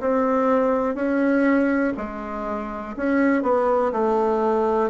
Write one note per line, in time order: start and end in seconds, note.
0.00 0.95 C4
0.95 1.94 C#4
1.97 2.95 G#3
2.97 3.42 C#4
3.42 3.92 B3
3.92 4.90 A3